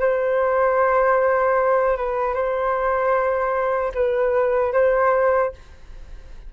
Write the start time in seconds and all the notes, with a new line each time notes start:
0.00 C5
1.97 B4
2.34 C5
3.95 B4
4.73 C5